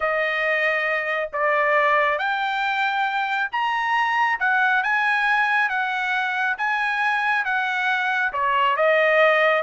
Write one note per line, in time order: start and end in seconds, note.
0.00 1.29 D#5
1.33 2.18 D5
2.18 3.49 G5
3.51 4.39 A#5
4.39 4.83 F#5
4.83 5.69 G#5
5.69 6.56 F#5
6.57 7.45 G#5
7.45 8.32 F#5
8.33 8.76 C#5
8.76 9.62 D#5